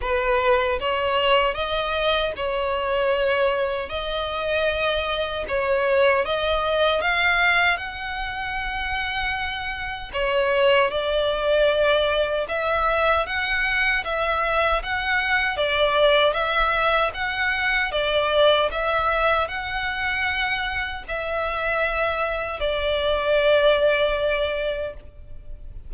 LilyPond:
\new Staff \with { instrumentName = "violin" } { \time 4/4 \tempo 4 = 77 b'4 cis''4 dis''4 cis''4~ | cis''4 dis''2 cis''4 | dis''4 f''4 fis''2~ | fis''4 cis''4 d''2 |
e''4 fis''4 e''4 fis''4 | d''4 e''4 fis''4 d''4 | e''4 fis''2 e''4~ | e''4 d''2. | }